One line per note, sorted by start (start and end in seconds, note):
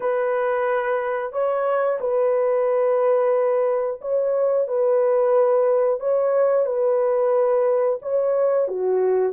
0.00 1.32 B4
1.32 1.98 C#5
2.00 4.00 B4
4.01 4.67 C#5
4.67 5.99 B4
5.99 6.65 C#5
6.65 7.99 B4
8.02 8.68 C#5
8.68 9.32 F#4